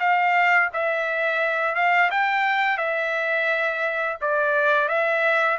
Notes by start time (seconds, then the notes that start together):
0.00 F5
0.73 E5
1.75 F5
2.11 G5
2.78 E5
4.21 D5
4.88 E5